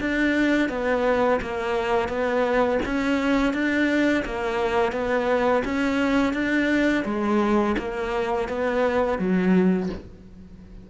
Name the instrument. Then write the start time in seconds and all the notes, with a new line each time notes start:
cello
0.00 D4
0.69 B3
1.41 A#3
2.08 B3
2.85 C#4
3.53 D4
4.24 A#3
4.92 B3
5.64 C#4
6.33 D4
7.05 G#3
7.78 A#3
8.48 B3
9.18 F#3